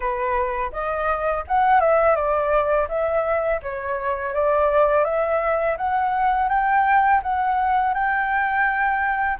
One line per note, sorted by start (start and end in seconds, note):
0.00 0.71 B4
0.72 1.44 D#5
1.47 1.80 F#5
1.80 2.15 E5
2.15 2.87 D5
2.88 3.60 E5
3.62 4.34 C#5
4.34 5.04 D5
5.04 5.76 E5
5.77 6.49 F#5
6.49 7.21 G5
7.22 7.94 F#5
7.94 9.38 G5